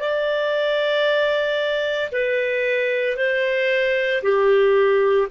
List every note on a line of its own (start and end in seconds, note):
0.00 2.11 D5
2.12 3.17 B4
3.17 4.22 C5
4.23 5.28 G4